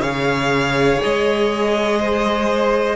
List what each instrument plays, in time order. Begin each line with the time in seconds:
0.00 cello C#3, viola G#4, violin C#5 F5
1.03 cello G#3, violin D#5
1.99 violin C5